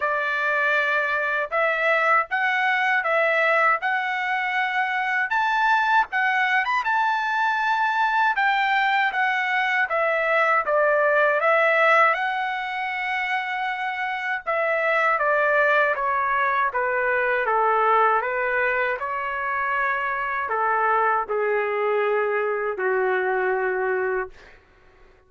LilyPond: \new Staff \with { instrumentName = "trumpet" } { \time 4/4 \tempo 4 = 79 d''2 e''4 fis''4 | e''4 fis''2 a''4 | fis''8. b''16 a''2 g''4 | fis''4 e''4 d''4 e''4 |
fis''2. e''4 | d''4 cis''4 b'4 a'4 | b'4 cis''2 a'4 | gis'2 fis'2 | }